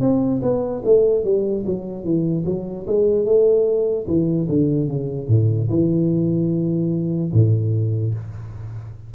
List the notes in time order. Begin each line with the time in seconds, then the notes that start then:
0.00 C4
0.42 B3
0.85 A3
1.24 G3
1.66 F#3
2.04 E3
2.45 F#3
2.87 G#3
3.25 A3
4.07 E3
4.49 D3
4.88 C#3
5.28 A2
5.70 E3
7.33 A2